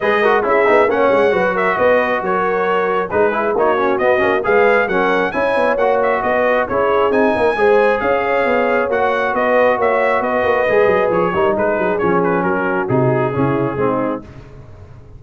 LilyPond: <<
  \new Staff \with { instrumentName = "trumpet" } { \time 4/4 \tempo 4 = 135 dis''4 e''4 fis''4. e''8 | dis''4 cis''2 b'4 | cis''4 dis''4 f''4 fis''4 | gis''4 fis''8 e''8 dis''4 cis''4 |
gis''2 f''2 | fis''4 dis''4 e''4 dis''4~ | dis''4 cis''4 b'4 cis''8 b'8 | ais'4 gis'2. | }
  \new Staff \with { instrumentName = "horn" } { \time 4/4 b'8 ais'8 gis'4 cis''4 b'8 ais'8 | b'4 ais'2 gis'4 | fis'2 b'4 ais'4 | cis''2 b'4 gis'4~ |
gis'8 ais'8 c''4 cis''2~ | cis''4 b'4 cis''4 b'4~ | b'4. ais'8 gis'2 | fis'2 e'4 dis'4 | }
  \new Staff \with { instrumentName = "trombone" } { \time 4/4 gis'8 fis'8 e'8 dis'8 cis'4 fis'4~ | fis'2. dis'8 e'8 | dis'8 cis'8 b8 cis'8 gis'4 cis'4 | e'4 fis'2 e'4 |
dis'4 gis'2. | fis'1 | gis'4. dis'4. cis'4~ | cis'4 dis'4 cis'4 c'4 | }
  \new Staff \with { instrumentName = "tuba" } { \time 4/4 gis4 cis'8 b8 ais8 gis8 fis4 | b4 fis2 gis4 | ais4 b8 ais8 gis4 fis4 | cis'8 b8 ais4 b4 cis'4 |
c'8 ais8 gis4 cis'4 b4 | ais4 b4 ais4 b8 ais8 | gis8 fis8 f8 g8 gis8 fis8 f4 | fis4 c4 cis4 gis4 | }
>>